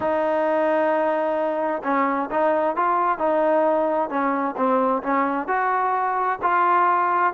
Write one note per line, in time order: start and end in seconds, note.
0.00 1.82 D#4
1.83 2.29 C#4
2.30 2.76 D#4
2.76 3.18 F4
3.18 4.09 D#4
4.09 4.55 C#4
4.56 5.02 C4
5.02 5.47 C#4
5.47 6.39 F#4
6.42 7.33 F4